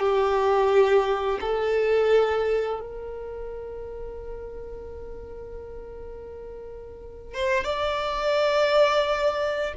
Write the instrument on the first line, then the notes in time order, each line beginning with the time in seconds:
violin
0.00 G4
1.41 A4
2.81 A#4
7.34 C5
7.65 D5